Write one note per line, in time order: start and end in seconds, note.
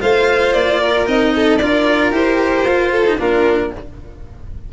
0.00 0.54 A3
0.00 1.06 F4
0.00 0.80 C5
0.00 0.53 F5
0.53 1.07 A#3
0.53 1.06 D5
0.80 1.34 A#4
1.06 1.60 C4
1.06 1.59 D#4
1.06 1.57 D#5
1.35 1.62 A4
1.57 2.11 D4
1.57 2.12 F4
1.57 2.91 A#4
1.57 2.10 D5
2.11 2.64 E4
2.11 2.65 G4
2.11 3.19 C5
2.64 3.17 F4
2.64 3.06 F4
2.91 3.18 A4
3.06 3.18 D#4
3.18 3.73 A#3
3.18 3.71 D4
3.18 3.73 F4
3.18 3.72 A#4